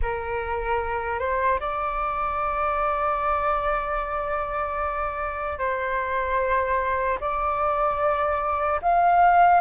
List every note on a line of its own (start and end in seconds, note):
0.02 1.19 A#4
1.19 1.59 C5
1.60 5.58 D5
5.58 7.18 C5
7.20 8.80 D5
8.82 9.60 F5